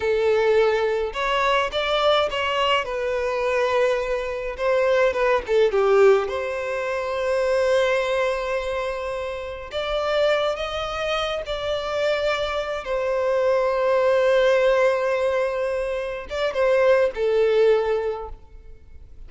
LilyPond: \new Staff \with { instrumentName = "violin" } { \time 4/4 \tempo 4 = 105 a'2 cis''4 d''4 | cis''4 b'2. | c''4 b'8 a'8 g'4 c''4~ | c''1~ |
c''4 d''4. dis''4. | d''2~ d''8 c''4.~ | c''1~ | c''8 d''8 c''4 a'2 | }